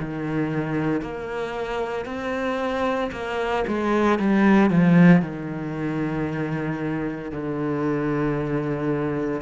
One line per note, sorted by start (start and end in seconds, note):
0.00 1.02 D#3
1.02 2.06 A#3
2.06 3.11 C4
3.12 3.65 A#3
3.68 4.19 G#3
4.19 4.70 G3
4.70 5.22 F3
5.22 7.32 D#3
7.32 9.42 D3